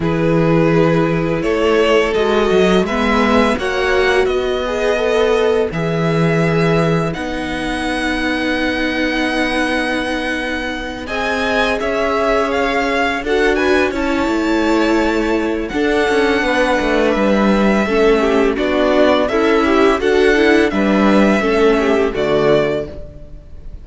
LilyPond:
<<
  \new Staff \with { instrumentName = "violin" } { \time 4/4 \tempo 4 = 84 b'2 cis''4 dis''4 | e''4 fis''4 dis''2 | e''2 fis''2~ | fis''2.~ fis''8 gis''8~ |
gis''8 e''4 f''4 fis''8 gis''8 a''8~ | a''2 fis''2 | e''2 d''4 e''4 | fis''4 e''2 d''4 | }
  \new Staff \with { instrumentName = "violin" } { \time 4/4 gis'2 a'2 | b'4 cis''4 b'2~ | b'1~ | b'2.~ b'8 dis''8~ |
dis''8 cis''2 a'8 b'8 cis''8~ | cis''2 a'4 b'4~ | b'4 a'8 g'8 fis'4 e'4 | a'4 b'4 a'8 g'8 fis'4 | }
  \new Staff \with { instrumentName = "viola" } { \time 4/4 e'2. fis'4 | b4 fis'4. gis'8 a'4 | gis'2 dis'2~ | dis'2.~ dis'8 gis'8~ |
gis'2~ gis'8 fis'4 e'8~ | e'2 d'2~ | d'4 cis'4 d'4 a'8 g'8 | fis'8 e'8 d'4 cis'4 a4 | }
  \new Staff \with { instrumentName = "cello" } { \time 4/4 e2 a4 gis8 fis8 | gis4 ais4 b2 | e2 b2~ | b2.~ b8 c'8~ |
c'8 cis'2 d'4 cis'8 | a2 d'8 cis'8 b8 a8 | g4 a4 b4 cis'4 | d'4 g4 a4 d4 | }
>>